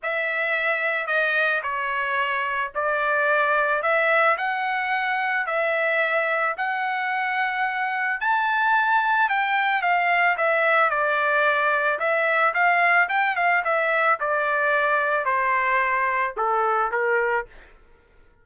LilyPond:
\new Staff \with { instrumentName = "trumpet" } { \time 4/4 \tempo 4 = 110 e''2 dis''4 cis''4~ | cis''4 d''2 e''4 | fis''2 e''2 | fis''2. a''4~ |
a''4 g''4 f''4 e''4 | d''2 e''4 f''4 | g''8 f''8 e''4 d''2 | c''2 a'4 ais'4 | }